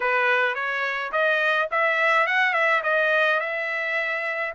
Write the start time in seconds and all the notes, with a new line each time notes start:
0.00 B4
0.55 C#5
1.12 D#5
1.71 E5
2.26 F#5
2.53 E5
2.83 D#5
3.40 E5